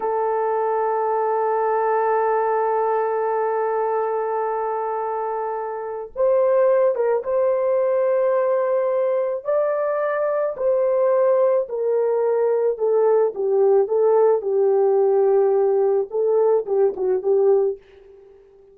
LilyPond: \new Staff \with { instrumentName = "horn" } { \time 4/4 \tempo 4 = 108 a'1~ | a'1~ | a'2. c''4~ | c''8 ais'8 c''2.~ |
c''4 d''2 c''4~ | c''4 ais'2 a'4 | g'4 a'4 g'2~ | g'4 a'4 g'8 fis'8 g'4 | }